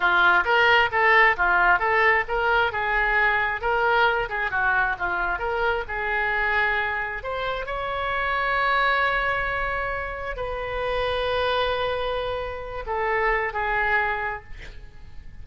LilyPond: \new Staff \with { instrumentName = "oboe" } { \time 4/4 \tempo 4 = 133 f'4 ais'4 a'4 f'4 | a'4 ais'4 gis'2 | ais'4. gis'8 fis'4 f'4 | ais'4 gis'2. |
c''4 cis''2.~ | cis''2. b'4~ | b'1~ | b'8 a'4. gis'2 | }